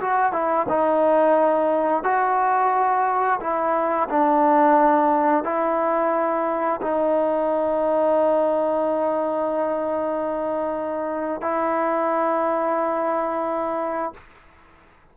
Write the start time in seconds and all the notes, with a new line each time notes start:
0.00 F#4
0.32 E4
0.68 D#4
2.03 F#4
3.40 E4
4.09 D4
5.44 E4
6.81 D#4
11.41 E4